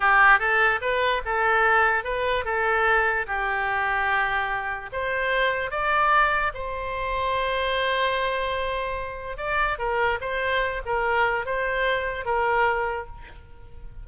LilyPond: \new Staff \with { instrumentName = "oboe" } { \time 4/4 \tempo 4 = 147 g'4 a'4 b'4 a'4~ | a'4 b'4 a'2 | g'1 | c''2 d''2 |
c''1~ | c''2. d''4 | ais'4 c''4. ais'4. | c''2 ais'2 | }